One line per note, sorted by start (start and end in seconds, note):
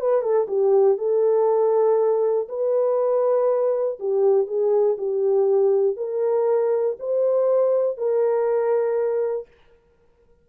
0.00 0.22 B4
0.22 0.47 A4
0.48 0.98 G4
0.98 2.48 A4
2.49 3.99 B4
3.99 4.47 G4
4.47 4.97 G#4
4.98 5.97 G4
5.97 6.97 A#4
7.00 7.97 C5
7.97 9.47 A#4